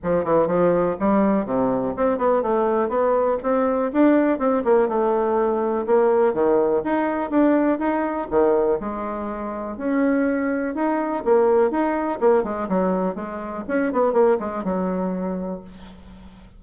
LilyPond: \new Staff \with { instrumentName = "bassoon" } { \time 4/4 \tempo 4 = 123 f8 e8 f4 g4 c4 | c'8 b8 a4 b4 c'4 | d'4 c'8 ais8 a2 | ais4 dis4 dis'4 d'4 |
dis'4 dis4 gis2 | cis'2 dis'4 ais4 | dis'4 ais8 gis8 fis4 gis4 | cis'8 b8 ais8 gis8 fis2 | }